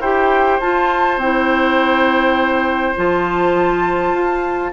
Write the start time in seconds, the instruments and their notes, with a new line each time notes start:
0.00 bassoon E4, clarinet G4, oboe C5, flute G5
0.60 bassoon F4, clarinet F4, flute A5
1.17 bassoon C4, clarinet E4, flute G5
2.95 bassoon F3, clarinet F4, flute A5
4.13 bassoon F4